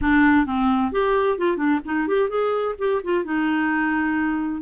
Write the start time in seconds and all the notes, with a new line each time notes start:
0.01 D4
0.46 C4
0.91 G4
1.37 F4
1.57 D4
1.85 D#4
2.07 G4
2.29 G#4
2.78 G4
3.03 F4
3.24 D#4